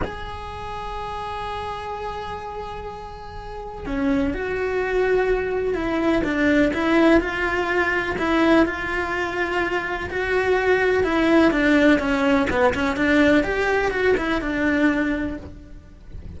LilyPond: \new Staff \with { instrumentName = "cello" } { \time 4/4 \tempo 4 = 125 gis'1~ | gis'1 | cis'4 fis'2. | e'4 d'4 e'4 f'4~ |
f'4 e'4 f'2~ | f'4 fis'2 e'4 | d'4 cis'4 b8 cis'8 d'4 | g'4 fis'8 e'8 d'2 | }